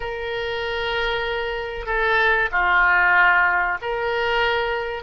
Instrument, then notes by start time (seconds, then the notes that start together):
oboe
0.00 A#4
1.86 A4
2.51 F4
3.81 A#4